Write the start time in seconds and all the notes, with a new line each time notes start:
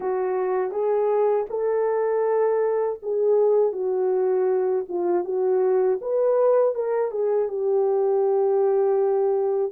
0.00 F#4
0.71 G#4
1.49 A4
3.02 G#4
3.72 F#4
4.88 F4
5.24 F#4
6.01 B4
6.74 A#4
7.10 G#4
7.48 G4